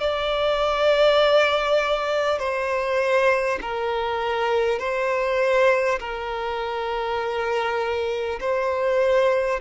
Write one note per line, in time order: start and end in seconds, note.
0.00 2.39 D5
2.39 3.59 C5
3.62 4.79 A#4
4.79 5.99 C5
5.99 8.39 A#4
8.41 9.61 C5